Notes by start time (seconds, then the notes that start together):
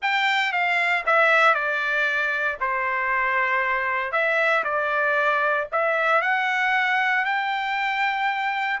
0.02 G5
0.52 F5
1.06 E5
1.54 D5
2.60 C5
4.11 E5
4.64 D5
5.72 E5
6.21 F#5
7.24 G5